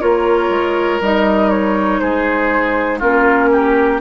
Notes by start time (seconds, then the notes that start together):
0.00 A#3 F4 A#4 C#5
0.49 G#3
1.00 G3 D#4 D#5
1.49 C#5
1.99 G#3 G#4 C5
2.99 A#3 C#4 F4 A#4
3.51 G4